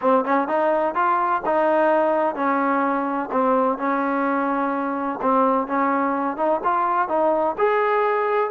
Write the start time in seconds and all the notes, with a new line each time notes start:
0.01 C4
0.24 C#4
0.47 D#4
0.94 F4
1.45 D#4
2.35 C#4
3.31 C4
3.78 C#4
5.21 C4
5.67 C#4
6.36 D#4
6.64 F4
7.08 D#4
7.57 G#4